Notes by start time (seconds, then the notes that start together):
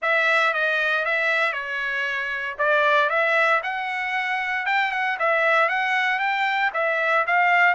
0.02 E5
0.53 D#5
1.05 E5
1.52 C#5
2.58 D5
3.09 E5
3.63 F#5
4.66 G5
4.91 F#5
5.19 E5
5.68 F#5
6.19 G5
6.73 E5
7.26 F5